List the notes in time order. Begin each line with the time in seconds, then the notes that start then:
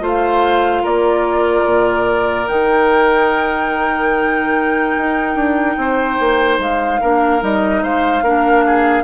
0.00 A3 F4 C5 F5
0.82 A#3 A#4 D5
1.65 A#2
2.47 D#3 D#4 G5
4.97 D#4
5.35 D4
5.76 C4 C5
6.19 A#3
6.59 G#3 F5
7.01 A#3 D4 A#4
7.40 G3 D#4 D#5
7.82 G#3 C5 F5
8.22 A#3 D4 A#4
8.66 G#4